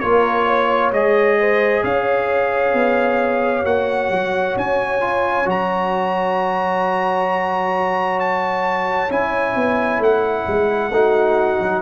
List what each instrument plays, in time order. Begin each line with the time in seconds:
0.00 tuba A#3, trombone F4, horn A#4, trumpet C#5
0.47 horn C#5
0.91 tuba G#3, trombone G#4, trumpet D#5
1.39 horn C5
1.83 tuba C#4, horn C#5, trumpet F5
2.74 tuba B3
3.65 tuba A#3, trombone F#4, trumpet F#5
4.09 tuba F#3
4.56 tuba C#4, trumpet G#5
5.01 trombone F4
5.45 tuba F#3, trombone F#4, trumpet A#5
8.20 trumpet A5
9.10 tuba C#4, trombone E4, trumpet G#5
9.56 tuba B3
9.99 tuba A3, trumpet F#5
10.48 tuba G#3
10.91 tuba A3, trombone D#4, horn F#4
11.60 tuba F#3